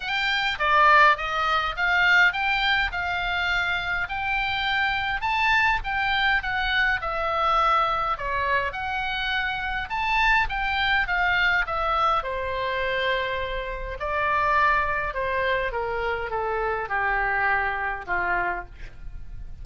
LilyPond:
\new Staff \with { instrumentName = "oboe" } { \time 4/4 \tempo 4 = 103 g''4 d''4 dis''4 f''4 | g''4 f''2 g''4~ | g''4 a''4 g''4 fis''4 | e''2 cis''4 fis''4~ |
fis''4 a''4 g''4 f''4 | e''4 c''2. | d''2 c''4 ais'4 | a'4 g'2 f'4 | }